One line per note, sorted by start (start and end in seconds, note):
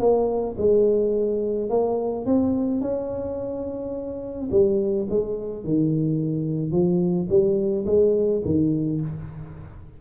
0.00 0.56 A#3
0.58 1.70 G#3
1.70 2.26 A#3
2.26 2.82 C4
2.82 4.50 C#4
4.52 5.08 G3
5.10 5.64 G#3
5.64 6.72 D#3
6.72 7.28 F3
7.29 7.86 G3
7.86 8.42 G#3
8.45 9.01 D#3